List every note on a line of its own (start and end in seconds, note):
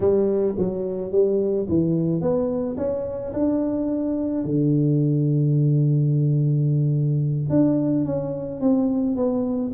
0.00 0.55 G3
0.58 1.11 F#3
1.11 1.67 G3
1.68 2.21 E3
2.21 2.76 B3
2.77 3.32 C#4
3.33 4.44 D4
4.44 7.49 D3
7.49 8.05 D4
8.05 8.60 C#4
8.60 9.15 C4
9.15 9.71 B3